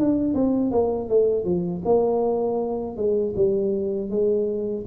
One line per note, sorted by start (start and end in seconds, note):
0.00 0.34 D4
0.34 0.71 C4
0.71 1.09 A#3
1.09 1.45 A3
1.45 1.82 F3
1.85 2.96 A#3
2.96 3.34 G#3
3.36 4.10 G3
4.10 4.85 G#3